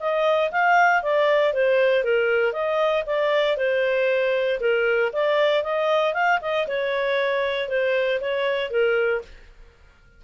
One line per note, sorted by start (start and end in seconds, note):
0.00 0.51 D#5
0.52 1.03 F5
1.03 1.54 D5
1.54 2.04 C5
2.04 2.53 A#4
2.53 3.04 D#5
3.07 3.57 D5
3.57 4.60 C5
4.61 5.12 A#4
5.13 5.64 D5
5.64 6.14 D#5
6.14 6.40 F5
6.42 6.67 D#5
6.68 7.69 C#5
7.69 8.20 C5
8.21 8.71 C#5
8.71 9.22 A#4